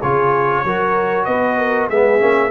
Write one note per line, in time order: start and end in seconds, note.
0.00 0.64 C#3
0.00 0.66 F4
0.00 0.62 G#4
0.00 1.25 C#5
0.64 1.27 F#3
0.64 1.91 F#4
0.64 1.26 A#4
1.25 1.90 B3
1.25 1.57 B4
1.25 1.88 D#5
1.58 1.89 A#4
1.89 2.21 G#3
1.89 2.20 B3
1.89 2.51 G#4
1.89 2.51 E5
2.20 2.51 A#3
2.20 2.51 C#4